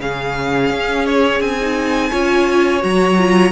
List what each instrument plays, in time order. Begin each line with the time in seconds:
0.00 cello C#3, viola C#4, violin G#4 F5
0.71 cello C#4
1.06 violin C#5
1.40 cello C4, violin G#5
1.61 viola D#4
2.11 cello C#4, viola F4, violin C#5
2.80 cello F#3, viola F#4, violin A#5
3.18 viola F4